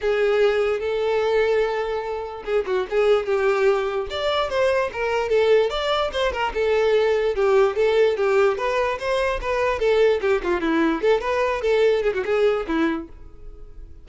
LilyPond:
\new Staff \with { instrumentName = "violin" } { \time 4/4 \tempo 4 = 147 gis'2 a'2~ | a'2 gis'8 fis'8 gis'4 | g'2 d''4 c''4 | ais'4 a'4 d''4 c''8 ais'8 |
a'2 g'4 a'4 | g'4 b'4 c''4 b'4 | a'4 g'8 f'8 e'4 a'8 b'8~ | b'8 a'4 gis'16 fis'16 gis'4 e'4 | }